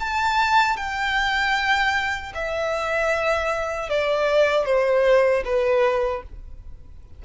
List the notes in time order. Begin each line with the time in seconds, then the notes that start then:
0.00 A5
0.77 G5
2.35 E5
3.90 D5
4.65 C5
5.45 B4